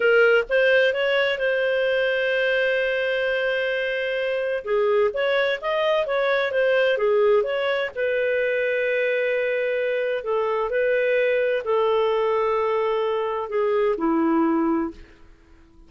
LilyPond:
\new Staff \with { instrumentName = "clarinet" } { \time 4/4 \tempo 4 = 129 ais'4 c''4 cis''4 c''4~ | c''1~ | c''2 gis'4 cis''4 | dis''4 cis''4 c''4 gis'4 |
cis''4 b'2.~ | b'2 a'4 b'4~ | b'4 a'2.~ | a'4 gis'4 e'2 | }